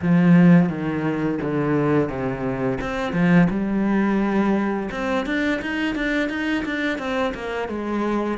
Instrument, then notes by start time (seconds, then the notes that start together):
cello
0.02 F3
0.68 D#3
1.41 D3
2.09 C3
2.80 C4
3.12 F3
3.50 G3
4.91 C4
5.25 D4
5.61 D#4
5.95 D4
6.29 D#4
6.65 D4
6.98 C4
7.34 A#3
7.68 G#3